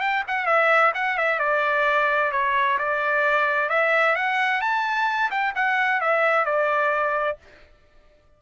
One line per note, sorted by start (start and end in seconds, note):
0.00 0.23 G5
0.27 0.46 F#5
0.46 0.92 E5
0.94 1.17 F#5
1.17 1.39 E5
1.39 2.31 D5
2.31 2.77 C#5
2.78 3.69 D5
3.69 4.15 E5
4.15 4.61 F#5
4.61 5.30 A5
5.30 5.53 G5
5.55 6.00 F#5
6.00 6.45 E5
6.45 7.37 D5